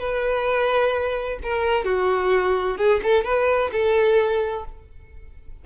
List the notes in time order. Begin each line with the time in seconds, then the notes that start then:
0.00 B4
1.44 A#4
1.85 F#4
2.78 G#4
3.03 A4
3.25 B4
3.73 A4